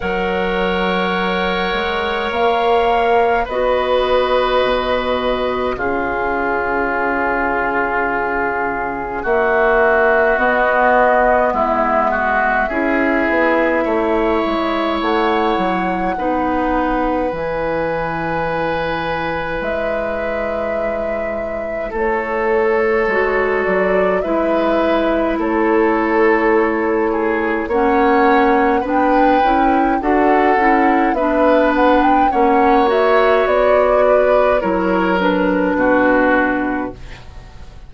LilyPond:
<<
  \new Staff \with { instrumentName = "flute" } { \time 4/4 \tempo 4 = 52 fis''2 f''4 dis''4~ | dis''4 gis'2. | e''4 dis''4 e''2~ | e''4 fis''2 gis''4~ |
gis''4 e''2 cis''4~ | cis''8 d''8 e''4 cis''2 | fis''4 g''4 fis''4 e''8 fis''16 g''16 | fis''8 e''8 d''4 cis''8 b'4. | }
  \new Staff \with { instrumentName = "oboe" } { \time 4/4 cis''2. b'4~ | b'4 f'2. | fis'2 e'8 fis'8 gis'4 | cis''2 b'2~ |
b'2. a'4~ | a'4 b'4 a'4. gis'8 | cis''4 b'4 a'4 b'4 | cis''4. b'8 ais'4 fis'4 | }
  \new Staff \with { instrumentName = "clarinet" } { \time 4/4 ais'2. fis'4~ | fis'4 cis'2.~ | cis'4 b2 e'4~ | e'2 dis'4 e'4~ |
e'1 | fis'4 e'2. | cis'4 d'8 e'8 fis'8 e'8 d'4 | cis'8 fis'4. e'8 d'4. | }
  \new Staff \with { instrumentName = "bassoon" } { \time 4/4 fis4. gis8 ais4 b4 | b,4 cis2. | ais4 b4 gis4 cis'8 b8 | a8 gis8 a8 fis8 b4 e4~ |
e4 gis2 a4 | gis8 fis8 gis4 a2 | ais4 b8 cis'8 d'8 cis'8 b4 | ais4 b4 fis4 b,4 | }
>>